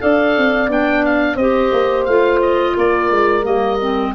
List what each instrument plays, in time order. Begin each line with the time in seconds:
0.00 tuba D4, clarinet A4, horn D5, oboe F5
0.38 tuba C4
0.68 tuba B3, clarinet D4, oboe G5
1.06 oboe F5
1.36 tuba C4, clarinet G4, horn C5, oboe D#5
1.73 tuba A#3
2.05 tuba A3, clarinet F4, oboe F5
2.43 oboe D#5
2.74 tuba A#3, horn A#4, oboe D5
3.11 tuba G#3
3.43 tuba G3, clarinet A#3, oboe D#5
3.81 clarinet C4